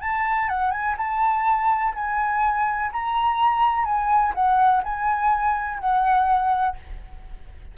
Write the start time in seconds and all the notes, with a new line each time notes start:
0.00 A5
0.48 F#5
0.71 G#5
0.97 A5
1.94 G#5
2.92 A#5
3.84 G#5
4.34 F#5
4.83 G#5
5.79 F#5